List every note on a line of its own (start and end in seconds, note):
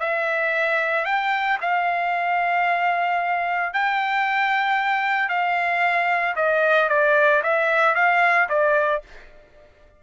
0.00 1.05 E5
1.05 1.58 G5
1.61 3.74 F5
3.74 5.29 G5
5.29 6.35 F5
6.36 6.89 D#5
6.89 7.42 D5
7.43 7.95 E5
7.95 8.48 F5
8.49 9.02 D5